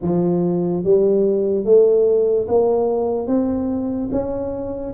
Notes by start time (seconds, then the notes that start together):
0.02 F3
0.84 G3
1.64 A3
2.47 A#3
3.27 C4
4.11 C#4